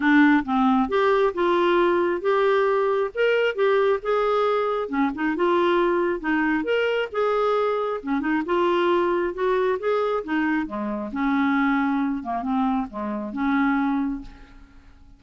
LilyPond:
\new Staff \with { instrumentName = "clarinet" } { \time 4/4 \tempo 4 = 135 d'4 c'4 g'4 f'4~ | f'4 g'2 ais'4 | g'4 gis'2 cis'8 dis'8 | f'2 dis'4 ais'4 |
gis'2 cis'8 dis'8 f'4~ | f'4 fis'4 gis'4 dis'4 | gis4 cis'2~ cis'8 ais8 | c'4 gis4 cis'2 | }